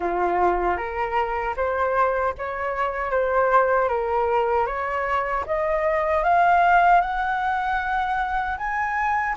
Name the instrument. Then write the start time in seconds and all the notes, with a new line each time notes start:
flute
0.00 F4
0.77 A#4
1.56 C5
2.38 C#5
3.10 C5
3.88 A#4
4.66 C#5
5.46 D#5
6.23 F5
7.01 F#5
8.57 G#5